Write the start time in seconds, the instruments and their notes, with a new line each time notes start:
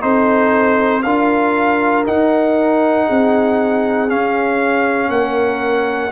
0.00 tuba C4, trombone D#4, horn A4, trumpet C5
1.02 tuba D4, trombone F4, horn A#4, trumpet F5
2.05 trombone D#4, tuba D#4, trumpet F#5
3.06 tuba C4, horn G#4
4.08 trombone C#4, tuba C#4, trumpet F5
5.08 tuba A#3, horn A#4, trumpet F#5